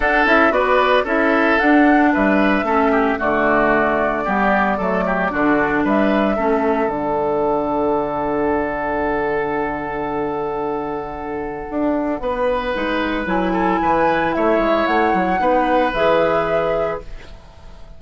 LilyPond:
<<
  \new Staff \with { instrumentName = "flute" } { \time 4/4 \tempo 4 = 113 fis''8 e''8 d''4 e''4 fis''4 | e''2 d''2~ | d''2. e''4~ | e''4 fis''2.~ |
fis''1~ | fis''1~ | fis''4 gis''2 e''4 | fis''2 e''2 | }
  \new Staff \with { instrumentName = "oboe" } { \time 4/4 a'4 b'4 a'2 | b'4 a'8 g'8 fis'2 | g'4 a'8 g'8 fis'4 b'4 | a'1~ |
a'1~ | a'2. b'4~ | b'4. a'8 b'4 cis''4~ | cis''4 b'2. | }
  \new Staff \with { instrumentName = "clarinet" } { \time 4/4 d'8 e'8 fis'4 e'4 d'4~ | d'4 cis'4 a2 | b4 a4 d'2 | cis'4 d'2.~ |
d'1~ | d'1 | dis'4 e'2.~ | e'4 dis'4 gis'2 | }
  \new Staff \with { instrumentName = "bassoon" } { \time 4/4 d'8 cis'8 b4 cis'4 d'4 | g4 a4 d2 | g4 fis4 d4 g4 | a4 d2.~ |
d1~ | d2 d'4 b4 | gis4 fis4 e4 a8 gis8 | a8 fis8 b4 e2 | }
>>